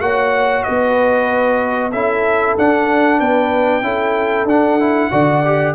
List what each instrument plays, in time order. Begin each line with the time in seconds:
0.00 tuba A#3, trombone F#4, horn C#5, trumpet F#5
0.63 tuba B3, horn B4, trumpet D#5
1.91 tuba C#4, trombone E4, horn A4, trumpet E5
2.58 trombone D4, tuba D4, trumpet F#5
3.19 tuba B3, horn B4, trumpet G5
3.82 tuba C#4, trombone E4, horn A4
4.44 tuba D4, trombone D4, trumpet F#5
4.80 trombone E4
5.11 tuba D3, trombone F#4, horn D5
5.45 trombone G4